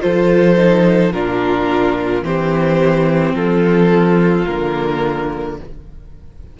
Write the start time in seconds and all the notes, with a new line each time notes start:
0.00 F3 F4 A4 C5
0.57 D#4
1.12 A#2 D4 F4 A#4
2.23 E3 C4 G4 C5
3.35 F3 F4 A4
4.46 D3 A#3 A#4